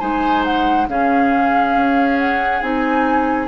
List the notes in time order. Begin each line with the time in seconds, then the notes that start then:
0.00 G#3 D#4 C5 G#5
0.44 F#5
0.88 C#3 C#4 G#4 F5
1.75 C#4
2.19 F#5
2.62 C4 D#4 G#5